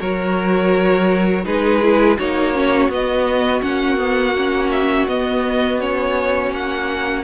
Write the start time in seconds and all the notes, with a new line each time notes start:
0.00 F#3 F#4 A#4 C#5
1.45 G#3 D#4 G#4 B4
1.82 E4
2.18 A#3 D#4 F#4 C#5
2.53 C#4
2.89 B3 D#5
3.61 A#3 C#4 F#5
3.97 B3
4.36 C#4
4.71 E5
5.07 B3 D#5
5.80 C#4 C#5
6.51 A#3 F#5